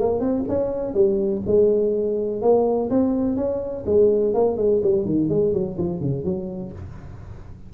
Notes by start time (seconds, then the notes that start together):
0.00 A#3
0.20 C4
0.49 C#4
0.94 G3
1.47 G#3
2.42 A#3
2.90 C4
3.37 C#4
3.86 G#3
4.34 A#3
4.57 G#3
4.83 G3
5.06 D#3
5.30 G#3
5.53 F#3
5.78 F3
6.01 C#3
6.25 F#3